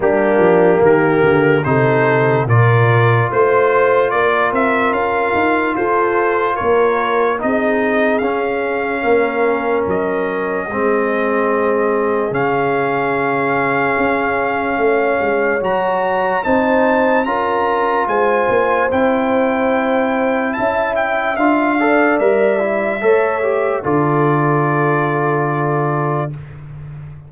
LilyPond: <<
  \new Staff \with { instrumentName = "trumpet" } { \time 4/4 \tempo 4 = 73 g'4 ais'4 c''4 d''4 | c''4 d''8 e''8 f''4 c''4 | cis''4 dis''4 f''2 | dis''2. f''4~ |
f''2. ais''4 | a''4 ais''4 gis''4 g''4~ | g''4 a''8 g''8 f''4 e''4~ | e''4 d''2. | }
  \new Staff \with { instrumentName = "horn" } { \time 4/4 d'4 g'4 a'4 ais'4 | c''4 ais'2 a'4 | ais'4 gis'2 ais'4~ | ais'4 gis'2.~ |
gis'2 cis''2 | c''4 ais'4 c''2~ | c''4 e''4. d''4. | cis''4 a'2. | }
  \new Staff \with { instrumentName = "trombone" } { \time 4/4 ais2 dis'4 f'4~ | f'1~ | f'4 dis'4 cis'2~ | cis'4 c'2 cis'4~ |
cis'2. fis'4 | dis'4 f'2 e'4~ | e'2 f'8 a'8 ais'8 e'8 | a'8 g'8 f'2. | }
  \new Staff \with { instrumentName = "tuba" } { \time 4/4 g8 f8 dis8 d8 c4 ais,4 | a4 ais8 c'8 cis'8 dis'8 f'4 | ais4 c'4 cis'4 ais4 | fis4 gis2 cis4~ |
cis4 cis'4 a8 gis8 fis4 | c'4 cis'4 gis8 ais8 c'4~ | c'4 cis'4 d'4 g4 | a4 d2. | }
>>